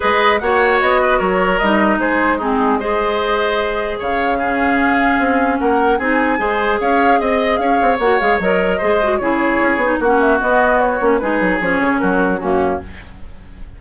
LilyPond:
<<
  \new Staff \with { instrumentName = "flute" } { \time 4/4 \tempo 4 = 150 dis''4 fis''4 dis''4 cis''4 | dis''4 c''4 gis'4 dis''4~ | dis''2 f''2~ | f''2 fis''4 gis''4~ |
gis''4 f''4 dis''4 f''4 | fis''8 f''8 dis''2 cis''4~ | cis''4 fis''8 e''8 dis''4 cis''4 | b'4 cis''4 ais'4 fis'4 | }
  \new Staff \with { instrumentName = "oboe" } { \time 4/4 b'4 cis''4. b'8 ais'4~ | ais'4 gis'4 dis'4 c''4~ | c''2 cis''4 gis'4~ | gis'2 ais'4 gis'4 |
c''4 cis''4 dis''4 cis''4~ | cis''2 c''4 gis'4~ | gis'4 fis'2. | gis'2 fis'4 cis'4 | }
  \new Staff \with { instrumentName = "clarinet" } { \time 4/4 gis'4 fis'2. | dis'2 c'4 gis'4~ | gis'2. cis'4~ | cis'2. dis'4 |
gis'1 | fis'8 gis'8 ais'4 gis'8 fis'8 e'4~ | e'8 dis'8 cis'4 b4. cis'8 | dis'4 cis'2 ais4 | }
  \new Staff \with { instrumentName = "bassoon" } { \time 4/4 gis4 ais4 b4 fis4 | g4 gis2.~ | gis2 cis2~ | cis4 c'4 ais4 c'4 |
gis4 cis'4 c'4 cis'8 c'8 | ais8 gis8 fis4 gis4 cis4 | cis'8 b8 ais4 b4. ais8 | gis8 fis8 f8 cis8 fis4 fis,4 | }
>>